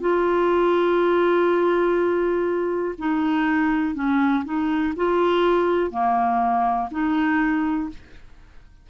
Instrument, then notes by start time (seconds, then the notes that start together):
clarinet
0.00 F4
2.99 D#4
3.95 C#4
4.45 D#4
4.96 F4
5.91 A#3
6.91 D#4